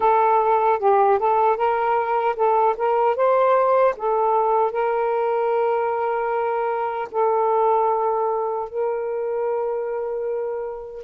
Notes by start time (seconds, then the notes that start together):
0.00 A4
0.79 G4
1.18 A4
1.56 A#4
2.36 A4
2.77 A#4
3.16 C5
3.97 A4
4.71 A#4
7.11 A4
8.69 A#4